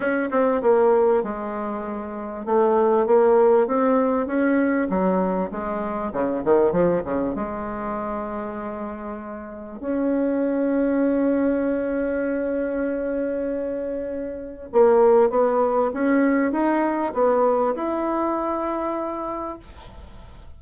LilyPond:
\new Staff \with { instrumentName = "bassoon" } { \time 4/4 \tempo 4 = 98 cis'8 c'8 ais4 gis2 | a4 ais4 c'4 cis'4 | fis4 gis4 cis8 dis8 f8 cis8 | gis1 |
cis'1~ | cis'1 | ais4 b4 cis'4 dis'4 | b4 e'2. | }